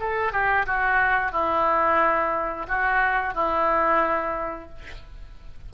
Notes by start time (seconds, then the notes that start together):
0.00 A4
0.32 G4
0.66 F#4
1.32 E4
2.68 F#4
3.34 E4